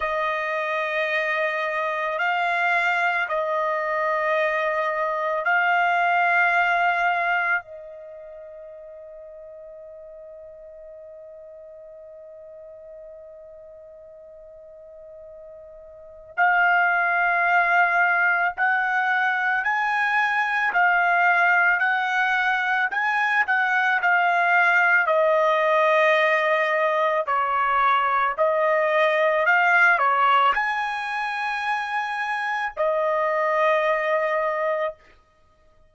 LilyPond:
\new Staff \with { instrumentName = "trumpet" } { \time 4/4 \tempo 4 = 55 dis''2 f''4 dis''4~ | dis''4 f''2 dis''4~ | dis''1~ | dis''2. f''4~ |
f''4 fis''4 gis''4 f''4 | fis''4 gis''8 fis''8 f''4 dis''4~ | dis''4 cis''4 dis''4 f''8 cis''8 | gis''2 dis''2 | }